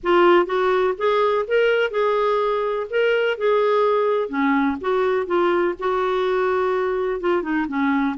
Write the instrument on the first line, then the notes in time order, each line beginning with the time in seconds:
clarinet
0.03 F4
0.46 F#4
0.97 G#4
1.47 A#4
1.90 G#4
2.90 A#4
3.37 G#4
4.29 C#4
4.80 F#4
5.26 F4
5.79 F#4
7.20 F4
7.42 D#4
7.68 C#4